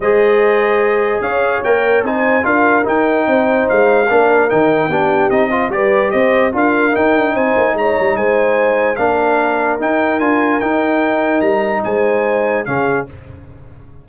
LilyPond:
<<
  \new Staff \with { instrumentName = "trumpet" } { \time 4/4 \tempo 4 = 147 dis''2. f''4 | g''4 gis''4 f''4 g''4~ | g''4 f''2 g''4~ | g''4 dis''4 d''4 dis''4 |
f''4 g''4 gis''4 ais''4 | gis''2 f''2 | g''4 gis''4 g''2 | ais''4 gis''2 f''4 | }
  \new Staff \with { instrumentName = "horn" } { \time 4/4 c''2. cis''4~ | cis''4 c''4 ais'2 | c''2 ais'2 | g'4. c''8 b'4 c''4 |
ais'2 c''4 cis''4 | c''2 ais'2~ | ais'1~ | ais'4 c''2 gis'4 | }
  \new Staff \with { instrumentName = "trombone" } { \time 4/4 gis'1 | ais'4 dis'4 f'4 dis'4~ | dis'2 d'4 dis'4 | d'4 dis'8 f'8 g'2 |
f'4 dis'2.~ | dis'2 d'2 | dis'4 f'4 dis'2~ | dis'2. cis'4 | }
  \new Staff \with { instrumentName = "tuba" } { \time 4/4 gis2. cis'4 | ais4 c'4 d'4 dis'4 | c'4 gis4 ais4 dis4 | b4 c'4 g4 c'4 |
d'4 dis'8 d'8 c'8 ais8 gis8 g8 | gis2 ais2 | dis'4 d'4 dis'2 | g4 gis2 cis4 | }
>>